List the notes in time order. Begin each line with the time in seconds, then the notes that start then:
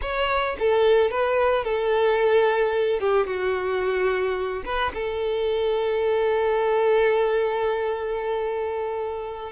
0.01 C#5
0.59 A4
1.11 B4
1.64 A4
3.00 G4
3.26 F#4
4.65 B4
4.94 A4